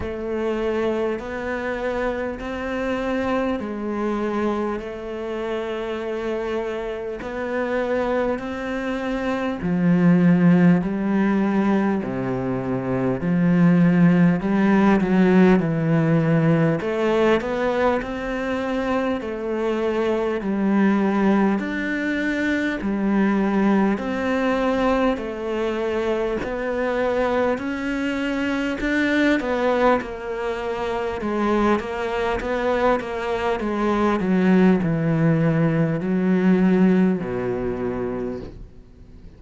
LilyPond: \new Staff \with { instrumentName = "cello" } { \time 4/4 \tempo 4 = 50 a4 b4 c'4 gis4 | a2 b4 c'4 | f4 g4 c4 f4 | g8 fis8 e4 a8 b8 c'4 |
a4 g4 d'4 g4 | c'4 a4 b4 cis'4 | d'8 b8 ais4 gis8 ais8 b8 ais8 | gis8 fis8 e4 fis4 b,4 | }